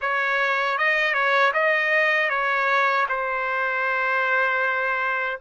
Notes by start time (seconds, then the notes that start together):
0.01 C#5
0.78 D#5
1.13 C#5
1.53 D#5
2.29 C#5
3.08 C5